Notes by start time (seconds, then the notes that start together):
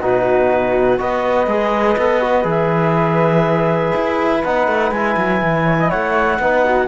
0.00 B2 D#4 F#4 B4
0.98 B3 F#4 B4 D#5
1.47 G#3 G#4
1.98 B3 A4
2.21 F#4
2.44 E3 G#4 E5
3.95 E4
4.44 B3 D#4 F#5
4.68 A3
4.92 G#3 E4 G#5
5.17 F#3
5.42 E3
5.64 C#5
5.79 D#5
5.90 A3 C#5 F#5
6.39 B3 D#4 B4
6.65 F#4